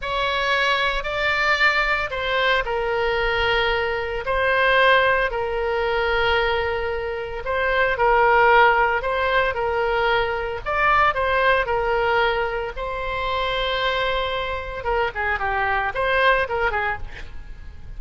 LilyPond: \new Staff \with { instrumentName = "oboe" } { \time 4/4 \tempo 4 = 113 cis''2 d''2 | c''4 ais'2. | c''2 ais'2~ | ais'2 c''4 ais'4~ |
ais'4 c''4 ais'2 | d''4 c''4 ais'2 | c''1 | ais'8 gis'8 g'4 c''4 ais'8 gis'8 | }